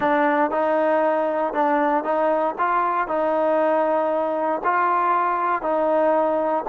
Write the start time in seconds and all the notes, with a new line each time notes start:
0.00 D4
0.51 D#4
1.53 D4
2.03 D#4
2.58 F4
3.07 D#4
4.64 F4
5.62 D#4